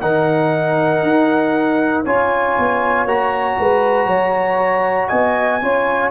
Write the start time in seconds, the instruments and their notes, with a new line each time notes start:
0.00 tuba D#3, trombone D#4, horn A#4, trumpet F#5
1.03 tuba D#4
2.05 tuba C#4, trombone F4, horn C#5, trumpet G#5
2.58 tuba B3
3.05 tuba A#3, trombone F#4, trumpet A#5
3.59 tuba G#3, horn B4
4.06 tuba F#3, horn C#5
5.08 tuba B3, horn D#5, trumpet G#5
5.61 tuba C#4, trombone F4, horn C#5